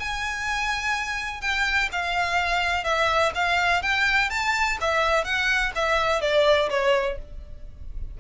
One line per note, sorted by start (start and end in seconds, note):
0.00 1.42 G#5
1.42 1.90 G5
1.92 2.85 F5
2.85 3.33 E5
3.35 3.83 F5
3.83 4.31 G5
4.31 4.79 A5
4.81 5.25 E5
5.25 5.73 F#5
5.76 6.22 E5
6.22 6.70 D5
6.70 7.18 C#5